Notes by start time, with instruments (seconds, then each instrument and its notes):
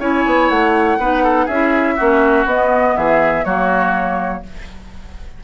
0.00 bassoon C#4, clarinet E4, oboe C#5, flute G#5
0.26 bassoon B3
0.50 bassoon A3, flute F#5
0.99 bassoon B3, clarinet D#4, oboe B4
1.24 oboe A4
1.46 bassoon C#4, clarinet E4, oboe G#4, flute E5
1.96 bassoon A#3, clarinet C#4, oboe F#4
2.46 bassoon B3, clarinet B3, flute D#5
2.96 bassoon E3, oboe G#4, flute E5
3.45 bassoon F#3, clarinet A#3, oboe F#4, flute C#5